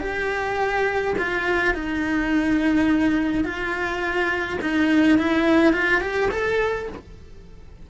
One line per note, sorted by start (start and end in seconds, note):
0.00 1.14 G4
1.18 1.74 F4
1.74 3.44 D#4
3.44 4.58 F4
4.61 5.18 D#4
5.18 5.73 E4
5.73 6.01 F4
6.01 6.29 G4
6.31 6.88 A4